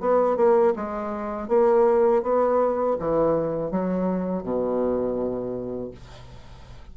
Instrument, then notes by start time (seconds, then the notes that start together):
bassoon
0.00 B3
0.36 A#3
0.75 G#3
1.48 A#3
2.23 B3
2.99 E3
3.71 F#3
4.43 B2